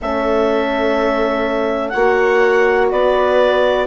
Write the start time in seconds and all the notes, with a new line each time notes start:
0.01 A3 C#4 A4 E5
1.89 A#3 F#4 C#5 F#5
2.91 B3 B4 D5